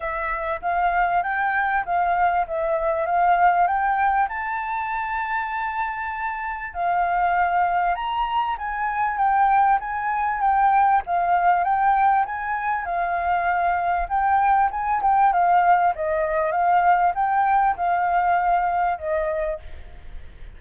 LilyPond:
\new Staff \with { instrumentName = "flute" } { \time 4/4 \tempo 4 = 98 e''4 f''4 g''4 f''4 | e''4 f''4 g''4 a''4~ | a''2. f''4~ | f''4 ais''4 gis''4 g''4 |
gis''4 g''4 f''4 g''4 | gis''4 f''2 g''4 | gis''8 g''8 f''4 dis''4 f''4 | g''4 f''2 dis''4 | }